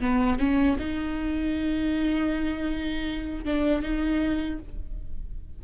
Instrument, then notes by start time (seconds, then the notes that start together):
viola
0.00 B3
0.38 C#4
0.78 D#4
3.44 D4
3.81 D#4